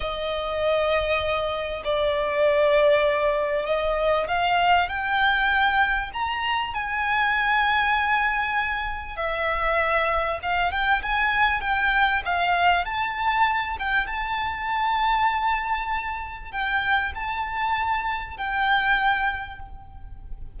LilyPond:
\new Staff \with { instrumentName = "violin" } { \time 4/4 \tempo 4 = 98 dis''2. d''4~ | d''2 dis''4 f''4 | g''2 ais''4 gis''4~ | gis''2. e''4~ |
e''4 f''8 g''8 gis''4 g''4 | f''4 a''4. g''8 a''4~ | a''2. g''4 | a''2 g''2 | }